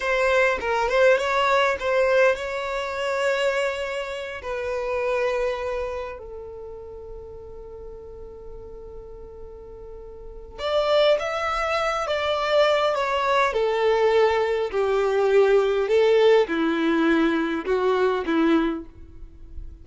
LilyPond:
\new Staff \with { instrumentName = "violin" } { \time 4/4 \tempo 4 = 102 c''4 ais'8 c''8 cis''4 c''4 | cis''2.~ cis''8 b'8~ | b'2~ b'8 a'4.~ | a'1~ |
a'2 d''4 e''4~ | e''8 d''4. cis''4 a'4~ | a'4 g'2 a'4 | e'2 fis'4 e'4 | }